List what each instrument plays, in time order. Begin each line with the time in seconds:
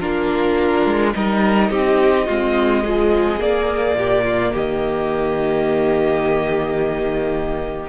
0.00 cello A#3, viola D4, violin F4 A#4
0.86 cello G#3
1.14 cello G3, viola D#4, violin A#4 D#5
1.71 cello C4, violin G4
2.26 cello G#3, viola C4, violin F4
2.85 viola F3, violin G#4
3.39 viola A#3, cello A#3, violin D5
3.95 cello A#2, violin G4
4.25 violin F4
4.53 cello D#3, violin G4 D#5